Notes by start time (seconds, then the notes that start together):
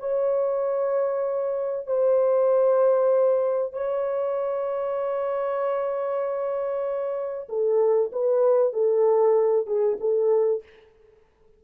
0.00 C#5
1.87 C5
3.74 C#5
7.49 A4
8.13 B4
8.73 A4
9.67 G#4
10.01 A4